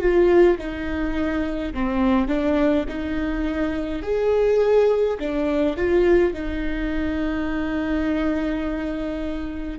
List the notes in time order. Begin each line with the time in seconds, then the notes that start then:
0.00 F4
0.58 D#4
1.74 C4
2.28 D4
2.88 D#4
4.03 G#4
5.19 D4
5.77 F4
6.34 D#4